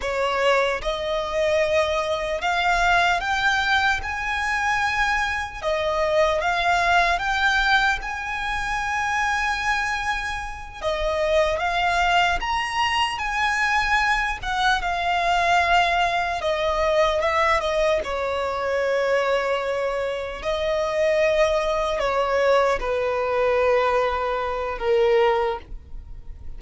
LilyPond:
\new Staff \with { instrumentName = "violin" } { \time 4/4 \tempo 4 = 75 cis''4 dis''2 f''4 | g''4 gis''2 dis''4 | f''4 g''4 gis''2~ | gis''4. dis''4 f''4 ais''8~ |
ais''8 gis''4. fis''8 f''4.~ | f''8 dis''4 e''8 dis''8 cis''4.~ | cis''4. dis''2 cis''8~ | cis''8 b'2~ b'8 ais'4 | }